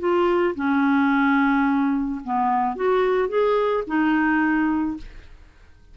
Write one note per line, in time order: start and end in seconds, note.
0.00 0.55 F4
0.56 2.21 C#4
2.25 2.76 B3
2.76 3.29 F#4
3.29 3.84 G#4
3.88 4.98 D#4